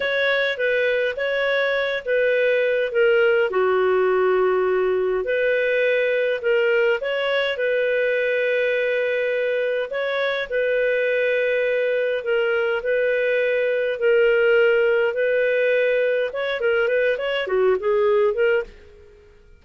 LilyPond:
\new Staff \with { instrumentName = "clarinet" } { \time 4/4 \tempo 4 = 103 cis''4 b'4 cis''4. b'8~ | b'4 ais'4 fis'2~ | fis'4 b'2 ais'4 | cis''4 b'2.~ |
b'4 cis''4 b'2~ | b'4 ais'4 b'2 | ais'2 b'2 | cis''8 ais'8 b'8 cis''8 fis'8 gis'4 ais'8 | }